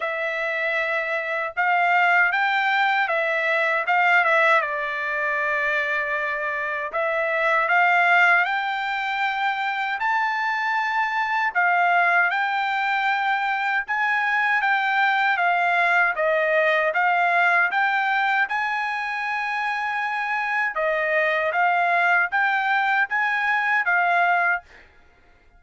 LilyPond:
\new Staff \with { instrumentName = "trumpet" } { \time 4/4 \tempo 4 = 78 e''2 f''4 g''4 | e''4 f''8 e''8 d''2~ | d''4 e''4 f''4 g''4~ | g''4 a''2 f''4 |
g''2 gis''4 g''4 | f''4 dis''4 f''4 g''4 | gis''2. dis''4 | f''4 g''4 gis''4 f''4 | }